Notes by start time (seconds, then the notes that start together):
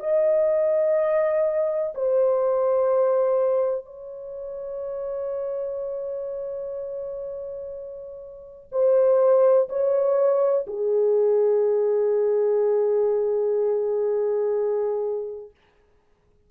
0.00 D#5
1.95 C5
3.86 C#5
8.72 C5
9.69 C#5
10.67 G#4